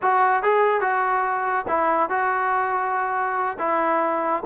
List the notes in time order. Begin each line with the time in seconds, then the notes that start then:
0.01 F#4
0.42 G#4
0.80 F#4
1.67 E4
2.09 F#4
3.58 E4